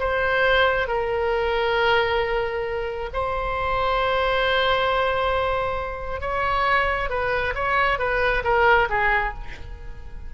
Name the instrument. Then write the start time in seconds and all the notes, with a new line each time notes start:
oboe
0.00 C5
0.88 A#4
3.14 C5
6.21 C#5
7.10 B4
7.55 C#5
7.99 B4
8.45 A#4
8.90 G#4